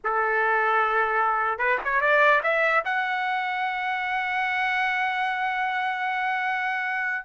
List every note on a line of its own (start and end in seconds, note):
0.04 1.58 A4
1.58 1.78 B4
1.84 2.00 C#5
2.00 2.41 D5
2.43 2.83 E5
2.84 7.25 F#5